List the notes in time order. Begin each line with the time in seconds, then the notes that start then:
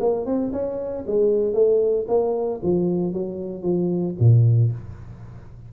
0.00 A#3
0.25 C4
0.52 C#4
1.07 G#3
1.53 A3
2.08 A#3
2.63 F3
3.13 F#3
3.62 F3
4.19 A#2